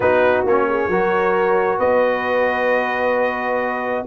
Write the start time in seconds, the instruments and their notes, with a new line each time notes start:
0.00 tuba B3, trombone D#4, horn F#4, trumpet B4
0.45 tuba A#3, trombone C#4, trumpet C#5
0.67 horn G#4
0.88 tuba F#3, trombone F#4, horn A#4
1.78 tuba B3, horn B4, trumpet D#5